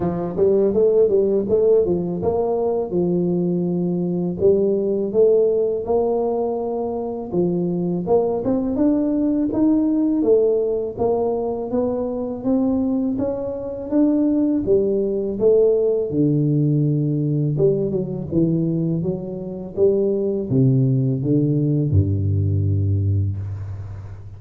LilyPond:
\new Staff \with { instrumentName = "tuba" } { \time 4/4 \tempo 4 = 82 f8 g8 a8 g8 a8 f8 ais4 | f2 g4 a4 | ais2 f4 ais8 c'8 | d'4 dis'4 a4 ais4 |
b4 c'4 cis'4 d'4 | g4 a4 d2 | g8 fis8 e4 fis4 g4 | c4 d4 g,2 | }